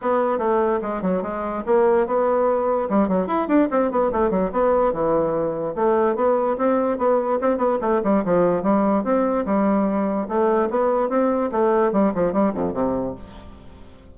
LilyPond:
\new Staff \with { instrumentName = "bassoon" } { \time 4/4 \tempo 4 = 146 b4 a4 gis8 fis8 gis4 | ais4 b2 g8 fis8 | e'8 d'8 c'8 b8 a8 fis8 b4 | e2 a4 b4 |
c'4 b4 c'8 b8 a8 g8 | f4 g4 c'4 g4~ | g4 a4 b4 c'4 | a4 g8 f8 g8 f,8 c4 | }